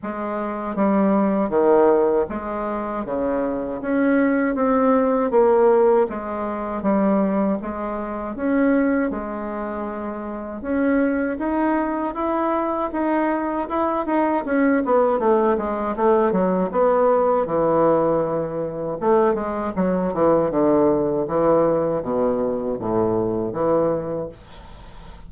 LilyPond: \new Staff \with { instrumentName = "bassoon" } { \time 4/4 \tempo 4 = 79 gis4 g4 dis4 gis4 | cis4 cis'4 c'4 ais4 | gis4 g4 gis4 cis'4 | gis2 cis'4 dis'4 |
e'4 dis'4 e'8 dis'8 cis'8 b8 | a8 gis8 a8 fis8 b4 e4~ | e4 a8 gis8 fis8 e8 d4 | e4 b,4 a,4 e4 | }